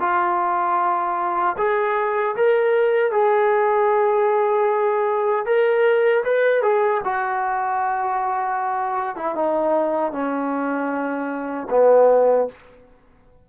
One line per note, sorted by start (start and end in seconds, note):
0.00 1.56 F4
1.57 2.35 G#4
2.36 3.12 A#4
3.12 5.45 G#4
5.46 6.24 A#4
6.24 6.62 B4
6.62 7.01 G#4
7.04 9.16 F#4
9.16 9.35 E4
9.35 10.12 D#4
10.12 11.68 C#4
11.70 12.48 B3